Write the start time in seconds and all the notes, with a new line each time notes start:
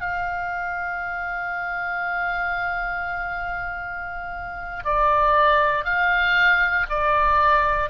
0.00 F5
4.84 D5
5.84 F5
6.89 D5